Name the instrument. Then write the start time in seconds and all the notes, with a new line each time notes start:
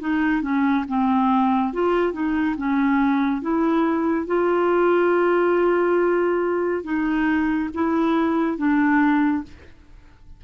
clarinet
0.00 D#4
0.42 C#4
0.88 C4
1.73 F4
2.13 D#4
2.57 C#4
3.42 E4
4.27 F4
6.84 D#4
7.74 E4
8.58 D4